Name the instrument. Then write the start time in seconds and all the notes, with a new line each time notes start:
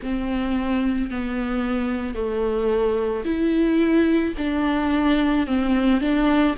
viola
0.02 C4
1.10 B3
2.15 A3
3.24 E4
4.37 D4
5.46 C4
6.00 D4